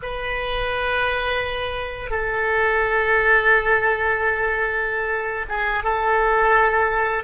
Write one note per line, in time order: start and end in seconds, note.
0.02 2.10 B4
2.10 5.45 A4
5.48 5.83 G#4
5.83 7.23 A4